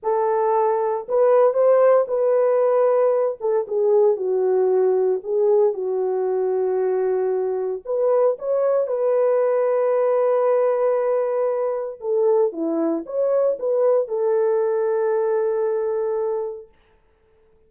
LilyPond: \new Staff \with { instrumentName = "horn" } { \time 4/4 \tempo 4 = 115 a'2 b'4 c''4 | b'2~ b'8 a'8 gis'4 | fis'2 gis'4 fis'4~ | fis'2. b'4 |
cis''4 b'2.~ | b'2. a'4 | e'4 cis''4 b'4 a'4~ | a'1 | }